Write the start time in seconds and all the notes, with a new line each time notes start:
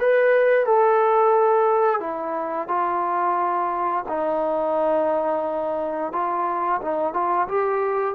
0.00 B4
0.66 A4
2.00 E4
2.68 F4
4.08 D#4
6.12 F4
6.82 D#4
7.14 F4
7.48 G4